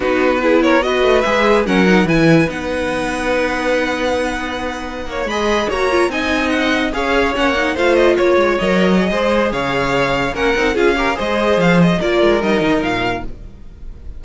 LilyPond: <<
  \new Staff \with { instrumentName = "violin" } { \time 4/4 \tempo 4 = 145 b'4. cis''8 dis''4 e''4 | fis''4 gis''4 fis''2~ | fis''1~ | fis''8. b''4 ais''4 gis''4 fis''16~ |
fis''8. f''4 fis''4 f''8 dis''8 cis''16~ | cis''8. dis''2~ dis''16 f''4~ | f''4 fis''4 f''4 dis''4 | f''8 dis''8 d''4 dis''4 f''4 | }
  \new Staff \with { instrumentName = "violin" } { \time 4/4 fis'4 gis'8 ais'8 b'2 | ais'4 b'2.~ | b'1~ | b'16 cis''8 dis''4 cis''4 dis''4~ dis''16~ |
dis''8. cis''2 c''4 cis''16~ | cis''2 c''4 cis''4~ | cis''4 ais'4 gis'8 ais'8 c''4~ | c''4 ais'2. | }
  \new Staff \with { instrumentName = "viola" } { \time 4/4 dis'4 e'4 fis'4 gis'4 | cis'8 dis'8 e'4 dis'2~ | dis'1~ | dis'8. gis'4 fis'8 f'8 dis'4~ dis'16~ |
dis'8. gis'4 cis'8 dis'8 f'4~ f'16~ | f'8. ais'4 gis'2~ gis'16~ | gis'4 cis'8 dis'8 f'8 g'8 gis'4~ | gis'4 f'4 dis'2 | }
  \new Staff \with { instrumentName = "cello" } { \time 4/4 b2~ b8 a8 gis4 | fis4 e4 b2~ | b1~ | b16 ais8 gis4 ais4 c'4~ c'16~ |
c'8. cis'4 ais4 a4 ais16~ | ais16 gis8 fis4~ fis16 gis4 cis4~ | cis4 ais8 c'8 cis'4 gis4 | f4 ais8 gis8 g8 dis8 ais,4 | }
>>